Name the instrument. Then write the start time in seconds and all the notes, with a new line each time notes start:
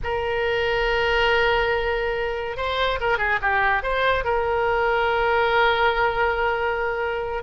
oboe
0.03 A#4
2.56 C5
3.00 A#4
3.17 G#4
3.41 G4
3.82 C5
4.24 A#4